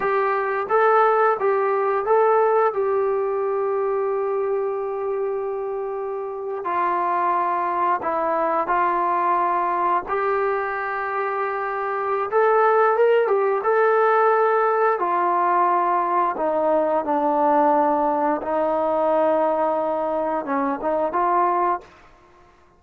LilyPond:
\new Staff \with { instrumentName = "trombone" } { \time 4/4 \tempo 4 = 88 g'4 a'4 g'4 a'4 | g'1~ | g'4.~ g'16 f'2 e'16~ | e'8. f'2 g'4~ g'16~ |
g'2 a'4 ais'8 g'8 | a'2 f'2 | dis'4 d'2 dis'4~ | dis'2 cis'8 dis'8 f'4 | }